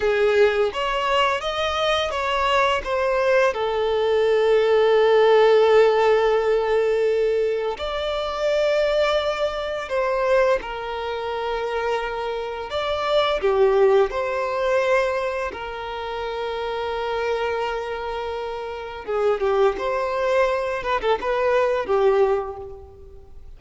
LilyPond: \new Staff \with { instrumentName = "violin" } { \time 4/4 \tempo 4 = 85 gis'4 cis''4 dis''4 cis''4 | c''4 a'2.~ | a'2. d''4~ | d''2 c''4 ais'4~ |
ais'2 d''4 g'4 | c''2 ais'2~ | ais'2. gis'8 g'8 | c''4. b'16 a'16 b'4 g'4 | }